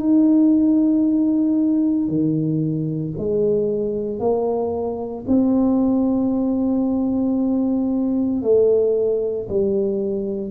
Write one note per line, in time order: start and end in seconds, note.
0.00 2.09 D#4
2.09 3.14 D#3
3.19 4.20 G#3
4.20 5.25 A#3
5.28 8.43 C4
8.43 9.48 A3
9.49 10.51 G3